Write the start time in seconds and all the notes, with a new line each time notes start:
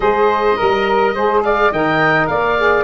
0.00 G#3 G#4 C5 D#5
0.56 G3 A#4
1.14 G#3 G#4 C5
1.43 D5 F5
1.71 D#3 A#4 D#5 G5
2.27 A#3 D5 F5
2.57 G#4